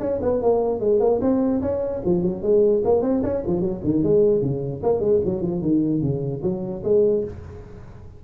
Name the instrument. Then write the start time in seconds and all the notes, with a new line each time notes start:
tuba
0.00 C#4
0.22 B3
0.42 A#3
0.80 G#3
1.00 A#3
1.21 C4
1.62 C#4
2.05 F3
2.23 F#3
2.43 G#3
2.84 A#3
3.02 C4
3.23 C#4
3.47 F3
3.61 F#3
3.84 D#3
4.03 G#3
4.42 C#3
4.83 A#3
5.00 G#3
5.25 F#3
5.41 F3
5.62 D#3
6.02 C#3
6.43 F#3
6.84 G#3